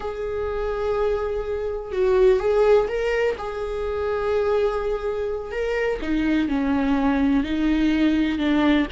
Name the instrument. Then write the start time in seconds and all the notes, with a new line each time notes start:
viola
0.00 G#4
1.91 F#4
2.39 G#4
2.88 A#4
3.38 G#4
5.51 A#4
6.01 D#4
6.48 C#4
7.43 D#4
8.38 D4